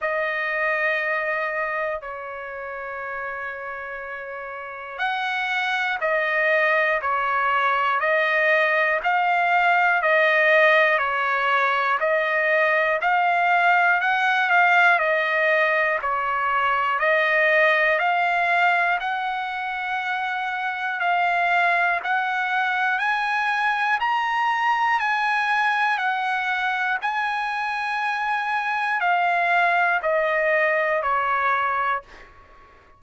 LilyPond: \new Staff \with { instrumentName = "trumpet" } { \time 4/4 \tempo 4 = 60 dis''2 cis''2~ | cis''4 fis''4 dis''4 cis''4 | dis''4 f''4 dis''4 cis''4 | dis''4 f''4 fis''8 f''8 dis''4 |
cis''4 dis''4 f''4 fis''4~ | fis''4 f''4 fis''4 gis''4 | ais''4 gis''4 fis''4 gis''4~ | gis''4 f''4 dis''4 cis''4 | }